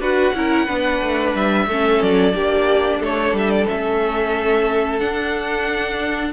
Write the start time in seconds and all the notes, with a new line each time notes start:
0.00 D4 F#4 B4 F#5
0.34 C#4 E4 A#4
0.66 B3 D4 B4
1.02 A3
1.35 G3 E5
1.67 A3 C#4 A4
2.03 F#3 D5
2.33 A#3 D4 G4
3.00 A3 A4 C#5
3.33 G3 E5
3.50 D5
3.68 A3 C#4 E5
4.99 D4 F#5